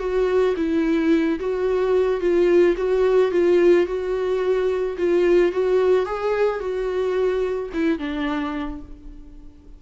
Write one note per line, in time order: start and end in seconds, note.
0.00 0.55 F#4
0.57 1.40 E4
1.40 2.21 F#4
2.21 2.76 F4
2.77 3.32 F#4
3.32 3.87 F4
3.87 4.97 F#4
4.98 5.52 F4
5.52 6.06 F#4
6.06 6.60 G#4
6.60 7.70 F#4
7.74 7.99 E4
7.99 8.81 D4